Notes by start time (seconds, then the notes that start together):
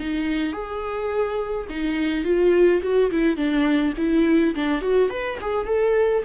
0.00 D#4
0.53 G#4
1.69 D#4
2.24 F4
2.82 F#4
3.11 E4
3.37 D4
3.98 E4
4.55 D4
4.82 F#4
5.10 B4
5.41 G#4
5.66 A4